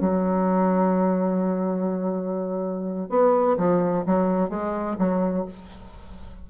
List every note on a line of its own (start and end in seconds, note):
0.00 3.10 F#3
3.10 3.57 B3
3.57 4.05 F3
4.06 4.49 F#3
4.49 4.97 G#3
4.98 5.46 F#3